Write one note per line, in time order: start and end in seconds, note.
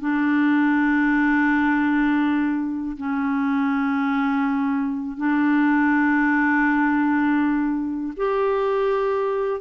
0.00 2.96 D4
2.97 5.17 C#4
5.17 8.13 D4
8.16 9.60 G4